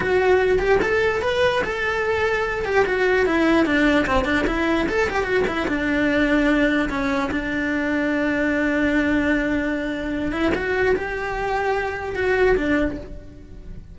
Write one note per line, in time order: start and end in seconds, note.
0.00 0.58 F#4
0.58 0.79 G4
0.82 1.22 A4
1.22 1.62 B4
1.63 2.65 A4
2.65 2.85 G4
2.85 3.26 F#4
3.26 3.65 E4
3.65 4.06 D4
4.06 4.25 C4
4.25 4.45 D4
4.46 4.87 E4
4.88 5.09 A4
5.09 5.23 G4
5.23 5.43 F#4
5.47 5.67 E4
5.67 6.89 D4
6.89 7.30 C#4
7.31 10.32 D4
10.32 10.52 E4
10.54 10.95 F#4
10.95 12.15 G4
12.15 12.56 F#4
12.56 12.97 D4